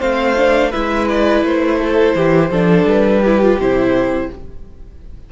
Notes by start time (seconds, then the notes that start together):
0.00 A3 C4 C5 F5
0.37 D4
0.71 G#3 E4 B4 E5
1.09 D5
1.43 A3 C5
1.81 A4
2.15 E3 G4
2.51 F3 D4 A4
2.85 G3 B4
3.22 E4 G4
3.43 F4
3.58 C3 E4 C5